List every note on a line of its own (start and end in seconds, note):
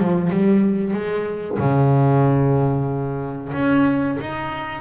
0.00 0.30 F3
0.30 0.94 G3
0.94 1.59 G#3
1.59 3.52 C#3
3.53 4.18 C#4
4.21 4.81 D#4